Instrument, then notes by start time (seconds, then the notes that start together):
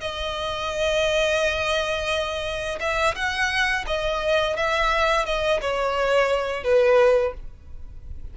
violin
0.00 D#5
2.80 E5
3.15 F#5
3.87 D#5
4.56 E5
5.25 D#5
5.61 C#5
6.63 B4